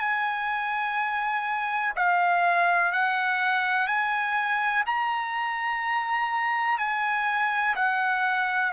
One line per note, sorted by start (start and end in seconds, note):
0.00 1.94 G#5
1.96 2.93 F5
2.93 3.88 F#5
3.88 4.84 G#5
4.87 6.79 A#5
6.79 7.76 G#5
7.76 8.73 F#5